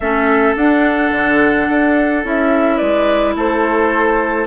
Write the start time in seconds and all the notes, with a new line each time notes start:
0.00 A3 C#4 A4 E5
0.56 D4 F#5
1.11 D3
1.69 D4
2.23 C#4 E4 E5
2.76 G#3 B4 D5
3.35 A3 A4 C5